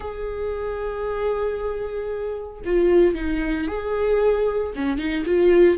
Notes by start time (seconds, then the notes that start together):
0.00 G#4
2.65 F4
3.14 D#4
3.67 G#4
4.75 C#4
4.98 D#4
5.25 F4